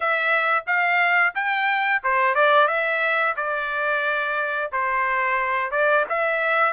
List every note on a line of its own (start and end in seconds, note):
0.00 0.64 E5
0.66 1.34 F5
1.35 2.02 G5
2.03 2.34 C5
2.34 2.67 D5
2.67 3.35 E5
3.36 4.71 D5
4.72 5.71 C5
5.71 6.05 D5
6.09 6.73 E5